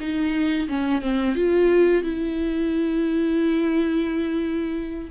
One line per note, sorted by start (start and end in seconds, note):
0.00 0.68 D#4
0.68 1.02 C#4
1.02 1.35 C4
1.35 2.03 F4
2.03 5.10 E4